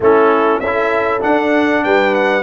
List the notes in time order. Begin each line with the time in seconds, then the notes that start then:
0.00 A3 C#4 E4 A4
0.59 C#4 A4 E5
0.66 E4
1.20 D4 F#5
1.84 G3 B4 G5
2.15 F#5